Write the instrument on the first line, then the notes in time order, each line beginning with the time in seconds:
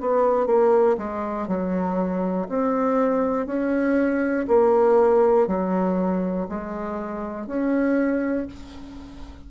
bassoon
0.00 B3
0.46 A#3
0.97 G#3
1.48 F#3
2.49 C4
3.46 C#4
4.48 A#3
5.47 F#3
6.48 G#3
7.46 C#4